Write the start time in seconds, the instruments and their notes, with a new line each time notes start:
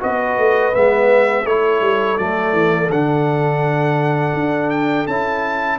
0.00 tuba B3, trombone F#4, horn B4, trumpet D#5
0.37 tuba A3
0.73 tuba G#3, trombone B3, trumpet E5
1.44 tuba A3, trombone E4, horn A4, trumpet C#5
1.81 tuba G3
2.17 tuba F#3, trombone A3, trumpet D5
2.52 tuba E3
2.88 tuba D3, trombone D4, trumpet F#5
4.34 tuba D4
4.70 trumpet G5
5.07 tuba C#4, trombone E4, trumpet A5